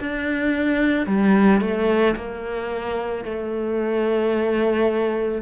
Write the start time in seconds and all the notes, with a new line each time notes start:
0.00 D4
1.07 G3
1.61 A3
2.16 A#3
3.24 A3